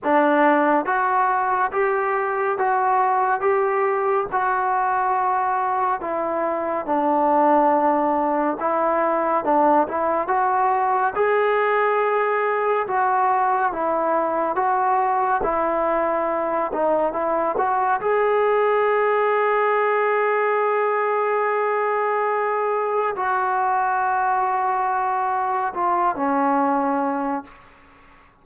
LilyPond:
\new Staff \with { instrumentName = "trombone" } { \time 4/4 \tempo 4 = 70 d'4 fis'4 g'4 fis'4 | g'4 fis'2 e'4 | d'2 e'4 d'8 e'8 | fis'4 gis'2 fis'4 |
e'4 fis'4 e'4. dis'8 | e'8 fis'8 gis'2.~ | gis'2. fis'4~ | fis'2 f'8 cis'4. | }